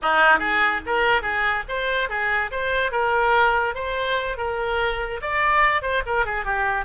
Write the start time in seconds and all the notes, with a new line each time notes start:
0.02 D#4
0.39 G#4
0.85 A#4
1.21 G#4
1.68 C5
2.09 G#4
2.51 C5
2.91 A#4
3.75 C5
4.37 A#4
5.21 D5
5.82 C5
6.05 A#4
6.25 G#4
6.44 G4